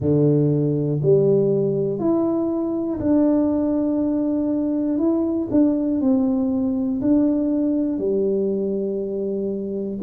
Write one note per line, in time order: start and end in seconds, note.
0.00 1.00 D3
1.02 1.99 G3
1.99 2.99 E4
3.00 4.97 D4
4.97 5.47 E4
5.50 6.00 D4
6.00 7.00 C4
7.01 7.98 D4
7.98 9.98 G3